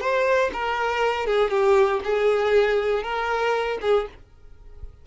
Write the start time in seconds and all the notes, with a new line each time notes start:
0.00 C5
0.53 A#4
1.26 G#4
1.50 G4
2.04 G#4
3.03 A#4
3.81 G#4